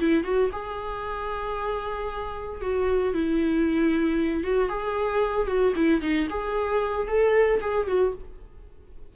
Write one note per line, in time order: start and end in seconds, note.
0.00 0.24 E4
0.24 0.51 F#4
0.53 2.62 G#4
2.62 3.14 F#4
3.14 4.44 E4
4.44 4.70 F#4
4.70 5.47 G#4
5.47 5.74 F#4
5.76 6.02 E4
6.02 6.28 D#4
6.30 7.08 G#4
7.08 7.61 A4
7.62 7.88 G#4
7.88 8.14 F#4